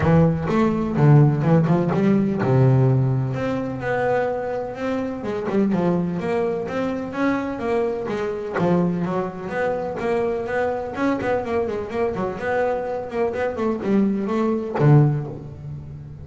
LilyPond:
\new Staff \with { instrumentName = "double bass" } { \time 4/4 \tempo 4 = 126 e4 a4 d4 e8 f8 | g4 c2 c'4 | b2 c'4 gis8 g8 | f4 ais4 c'4 cis'4 |
ais4 gis4 f4 fis4 | b4 ais4 b4 cis'8 b8 | ais8 gis8 ais8 fis8 b4. ais8 | b8 a8 g4 a4 d4 | }